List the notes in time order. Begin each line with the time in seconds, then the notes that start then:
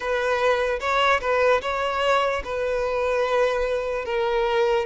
0.00 B4
0.80 C#5
1.21 B4
1.61 C#5
2.44 B4
4.05 A#4